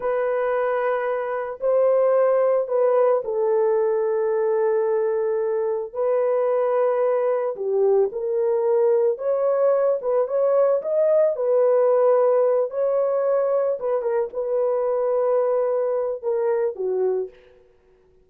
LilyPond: \new Staff \with { instrumentName = "horn" } { \time 4/4 \tempo 4 = 111 b'2. c''4~ | c''4 b'4 a'2~ | a'2. b'4~ | b'2 g'4 ais'4~ |
ais'4 cis''4. b'8 cis''4 | dis''4 b'2~ b'8 cis''8~ | cis''4. b'8 ais'8 b'4.~ | b'2 ais'4 fis'4 | }